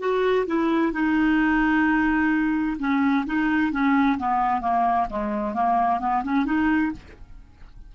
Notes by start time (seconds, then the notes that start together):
0.00 F#4
0.47 E4
0.93 D#4
2.79 C#4
3.26 D#4
3.72 C#4
4.18 B3
4.62 A#3
5.10 G#3
5.54 A#3
6.00 B3
6.24 C#4
6.46 D#4